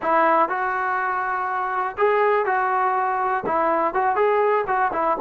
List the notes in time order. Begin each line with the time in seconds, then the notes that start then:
0.02 E4
0.49 F#4
1.97 G#4
2.45 F#4
3.46 E4
3.93 F#4
4.15 G#4
4.67 F#4
4.92 E4